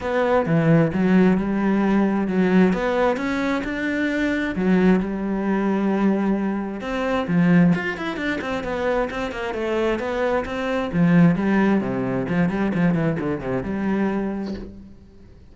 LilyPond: \new Staff \with { instrumentName = "cello" } { \time 4/4 \tempo 4 = 132 b4 e4 fis4 g4~ | g4 fis4 b4 cis'4 | d'2 fis4 g4~ | g2. c'4 |
f4 f'8 e'8 d'8 c'8 b4 | c'8 ais8 a4 b4 c'4 | f4 g4 c4 f8 g8 | f8 e8 d8 c8 g2 | }